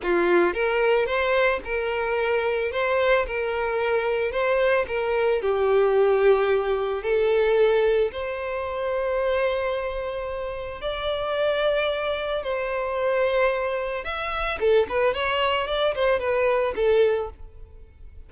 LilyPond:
\new Staff \with { instrumentName = "violin" } { \time 4/4 \tempo 4 = 111 f'4 ais'4 c''4 ais'4~ | ais'4 c''4 ais'2 | c''4 ais'4 g'2~ | g'4 a'2 c''4~ |
c''1 | d''2. c''4~ | c''2 e''4 a'8 b'8 | cis''4 d''8 c''8 b'4 a'4 | }